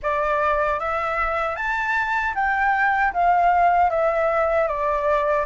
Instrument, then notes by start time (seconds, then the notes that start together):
flute
0.02 D5
0.79 E5
1.55 A5
2.34 G5
3.13 F5
3.90 E5
4.67 D5